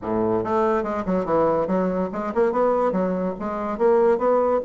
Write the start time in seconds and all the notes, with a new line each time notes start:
0.02 A2
0.44 A3
0.83 G#3
1.05 F#3
1.25 E3
1.67 F#3
2.12 G#3
2.34 A#3
2.52 B3
2.92 F#3
3.39 G#3
3.78 A#3
4.17 B3